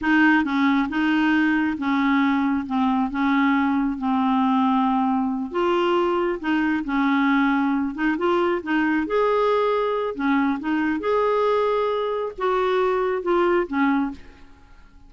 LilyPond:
\new Staff \with { instrumentName = "clarinet" } { \time 4/4 \tempo 4 = 136 dis'4 cis'4 dis'2 | cis'2 c'4 cis'4~ | cis'4 c'2.~ | c'8 f'2 dis'4 cis'8~ |
cis'2 dis'8 f'4 dis'8~ | dis'8 gis'2~ gis'8 cis'4 | dis'4 gis'2. | fis'2 f'4 cis'4 | }